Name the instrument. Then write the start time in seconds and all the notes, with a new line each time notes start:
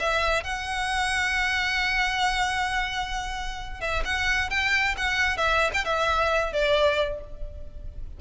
violin
0.00 E5
0.44 F#5
3.81 E5
4.05 F#5
4.51 G5
4.97 F#5
5.37 E5
5.74 G5
5.85 E5
6.53 D5